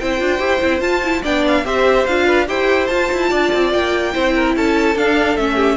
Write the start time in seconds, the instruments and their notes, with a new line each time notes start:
0.00 cello C4, viola E4, violin C5 G5
0.19 cello D4, viola F4
0.39 cello E4, viola G4
0.61 cello C4, viola E4
0.81 cello F4, viola F4, violin A5
1.04 viola E4
1.23 cello B3, viola D4, violin D5 G5
1.48 violin F5
1.65 cello C4, viola G4, violin C5 E5
2.07 cello D4, viola F4, violin F5
2.27 violin B4
2.47 cello E4, viola G4, violin C5 G5
2.87 cello F4, viola F4, violin A5
3.12 cello E4
3.30 cello D4, violin D5
3.54 cello C4
3.73 cello A#3, violin G5
4.13 cello C4, viola E4, violin C5
4.35 violin A#4
4.57 cello C#4, violin A4 A5
4.96 cello D4, viola D4, violin F5
5.37 cello A3, viola C#4, violin E5
5.56 violin G4